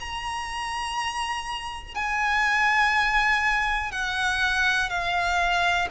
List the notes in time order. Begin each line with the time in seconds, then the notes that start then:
0.00 A#5
1.95 G#5
3.92 F#5
4.90 F5